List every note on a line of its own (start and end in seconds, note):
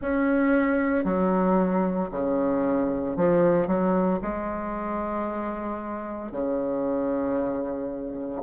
0.01 1.04 C#4
1.04 2.09 F#3
2.11 3.16 C#3
3.16 3.67 F3
3.67 4.19 F#3
4.22 6.32 G#3
6.32 8.42 C#3